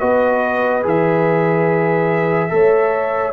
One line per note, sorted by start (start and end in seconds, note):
0.00 0.84 B3
0.00 0.82 F#4
0.00 2.50 B4
0.00 0.83 D#5
0.82 2.51 E3
0.82 2.49 G#4
0.82 3.33 E5
2.49 3.33 A3
2.49 3.32 A4
2.49 3.33 C#5